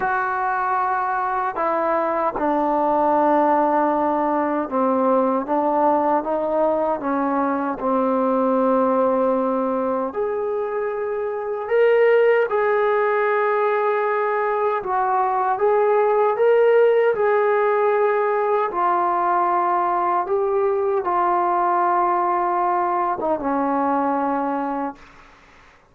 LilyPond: \new Staff \with { instrumentName = "trombone" } { \time 4/4 \tempo 4 = 77 fis'2 e'4 d'4~ | d'2 c'4 d'4 | dis'4 cis'4 c'2~ | c'4 gis'2 ais'4 |
gis'2. fis'4 | gis'4 ais'4 gis'2 | f'2 g'4 f'4~ | f'4.~ f'16 dis'16 cis'2 | }